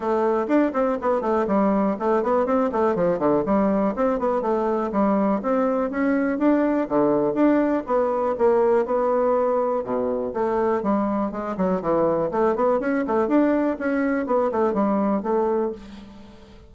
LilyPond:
\new Staff \with { instrumentName = "bassoon" } { \time 4/4 \tempo 4 = 122 a4 d'8 c'8 b8 a8 g4 | a8 b8 c'8 a8 f8 d8 g4 | c'8 b8 a4 g4 c'4 | cis'4 d'4 d4 d'4 |
b4 ais4 b2 | b,4 a4 g4 gis8 fis8 | e4 a8 b8 cis'8 a8 d'4 | cis'4 b8 a8 g4 a4 | }